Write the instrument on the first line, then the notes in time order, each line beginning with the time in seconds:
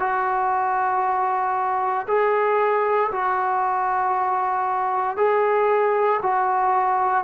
trombone
0.00 F#4
2.08 G#4
3.12 F#4
5.17 G#4
6.23 F#4